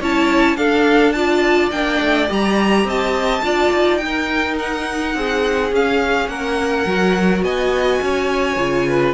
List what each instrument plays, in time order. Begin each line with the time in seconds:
0.00 cello C#4, viola E4, violin C#5 A5
0.56 cello D4, viola D4, violin A4 F5
1.12 viola F4, violin D5 A5
1.71 cello A#3, viola D4, violin G5
2.01 cello A3
2.28 cello G3, viola G4, violin A#5
2.84 cello C4, violin D#5 A5
3.43 cello D4, viola F4, violin D5
3.72 cello D#4
3.97 viola D#4, violin G5
4.06 violin A#4
4.59 violin F#5
5.15 cello C4, violin G#4
5.72 cello C#4, viola C#4, violin F5
6.28 cello A#3, violin A#4 F#5
6.86 cello F#3, viola F#4
7.42 cello B3, violin D#5 G#5
8.02 cello C#4, violin C#5
8.57 cello C#3, viola F4
8.88 violin B4